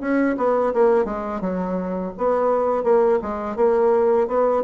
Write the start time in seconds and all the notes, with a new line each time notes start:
0.00 C#4
0.37 B3
0.73 A#3
1.05 G#3
1.40 F#3
2.17 B3
2.83 A#3
3.22 G#3
3.56 A#3
4.28 B3